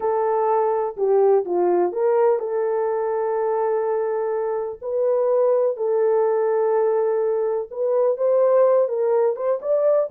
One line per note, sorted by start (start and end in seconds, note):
0.00 0.96 A4
0.96 1.44 G4
1.45 1.92 F4
1.92 2.39 A#4
2.39 4.79 A4
4.81 5.76 B4
5.76 7.68 A4
7.70 8.17 B4
8.17 8.88 C5
8.88 9.35 A#4
9.35 9.59 C5
9.61 10.09 D5